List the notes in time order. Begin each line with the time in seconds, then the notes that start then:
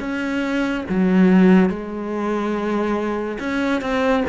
0.00 C#4
0.90 F#3
1.69 G#3
3.40 C#4
3.81 C4